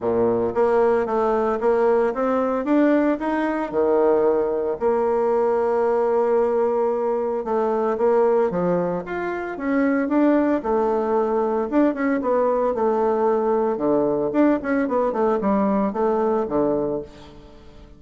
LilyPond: \new Staff \with { instrumentName = "bassoon" } { \time 4/4 \tempo 4 = 113 ais,4 ais4 a4 ais4 | c'4 d'4 dis'4 dis4~ | dis4 ais2.~ | ais2 a4 ais4 |
f4 f'4 cis'4 d'4 | a2 d'8 cis'8 b4 | a2 d4 d'8 cis'8 | b8 a8 g4 a4 d4 | }